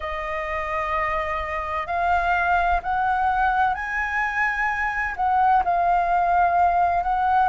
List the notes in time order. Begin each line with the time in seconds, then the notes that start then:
0.00 D#5
1.87 F5
2.83 F#5
3.74 G#5
5.16 F#5
5.64 F5
7.03 F#5